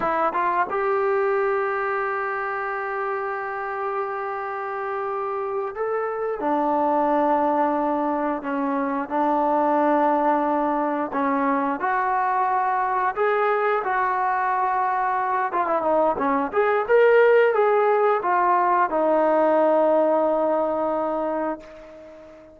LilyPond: \new Staff \with { instrumentName = "trombone" } { \time 4/4 \tempo 4 = 89 e'8 f'8 g'2.~ | g'1~ | g'8 a'4 d'2~ d'8~ | d'8 cis'4 d'2~ d'8~ |
d'8 cis'4 fis'2 gis'8~ | gis'8 fis'2~ fis'8 f'16 e'16 dis'8 | cis'8 gis'8 ais'4 gis'4 f'4 | dis'1 | }